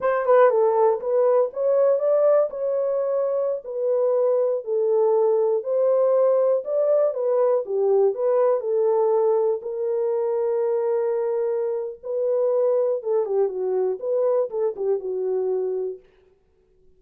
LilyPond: \new Staff \with { instrumentName = "horn" } { \time 4/4 \tempo 4 = 120 c''8 b'8 a'4 b'4 cis''4 | d''4 cis''2~ cis''16 b'8.~ | b'4~ b'16 a'2 c''8.~ | c''4~ c''16 d''4 b'4 g'8.~ |
g'16 b'4 a'2 ais'8.~ | ais'1 | b'2 a'8 g'8 fis'4 | b'4 a'8 g'8 fis'2 | }